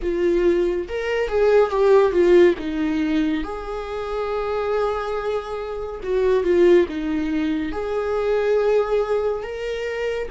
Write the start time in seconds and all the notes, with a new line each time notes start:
0.02 F4
0.88 A#4
1.28 G#4
1.70 G4
2.12 F4
2.58 D#4
3.43 G#4
6.03 F#4
6.43 F4
6.88 D#4
7.71 G#4
9.42 A#4